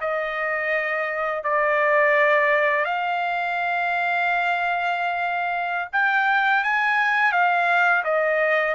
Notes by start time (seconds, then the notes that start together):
0.00 D#5
1.43 D5
2.85 F5
5.92 G5
6.63 G#5
7.32 F5
8.04 D#5